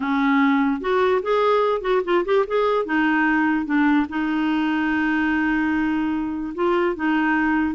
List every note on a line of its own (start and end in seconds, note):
0.00 0.81 C#4
0.81 1.21 F#4
1.22 1.81 G#4
1.81 2.01 F#4
2.04 2.24 F4
2.25 2.45 G4
2.47 2.85 G#4
2.85 3.65 D#4
3.65 4.06 D4
4.09 6.54 D#4
6.54 6.95 F4
6.95 7.74 D#4